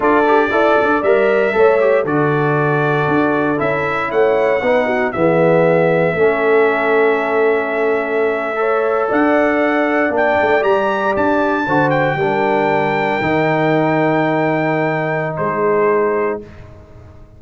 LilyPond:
<<
  \new Staff \with { instrumentName = "trumpet" } { \time 4/4 \tempo 4 = 117 d''2 e''2 | d''2. e''4 | fis''2 e''2~ | e''1~ |
e''4.~ e''16 fis''2 g''16~ | g''8. ais''4 a''4. g''8.~ | g''1~ | g''2 c''2 | }
  \new Staff \with { instrumentName = "horn" } { \time 4/4 a'4 d''2 cis''4 | a'1 | cis''4 b'8 fis'8 gis'2 | a'1~ |
a'8. cis''4 d''2~ d''16~ | d''2~ d''8. c''4 ais'16~ | ais'1~ | ais'2 gis'2 | }
  \new Staff \with { instrumentName = "trombone" } { \time 4/4 f'8 g'8 a'4 ais'4 a'8 g'8 | fis'2. e'4~ | e'4 dis'4 b2 | cis'1~ |
cis'8. a'2. d'16~ | d'8. g'2 fis'4 d'16~ | d'4.~ d'16 dis'2~ dis'16~ | dis'1 | }
  \new Staff \with { instrumentName = "tuba" } { \time 4/4 d'4 e'8 d'8 g4 a4 | d2 d'4 cis'4 | a4 b4 e2 | a1~ |
a4.~ a16 d'2 ais16~ | ais16 a8 g4 d'4 d4 g16~ | g4.~ g16 dis2~ dis16~ | dis2 gis2 | }
>>